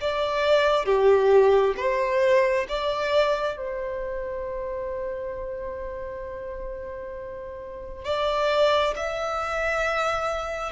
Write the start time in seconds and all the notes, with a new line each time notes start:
0.00 D5
0.85 G4
1.77 C5
2.68 D5
3.57 C5
8.04 D5
8.96 E5